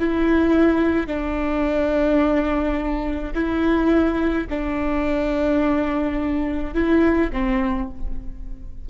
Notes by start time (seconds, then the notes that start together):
0.00 E4
1.07 D4
3.35 E4
4.50 D4
6.74 E4
7.33 C4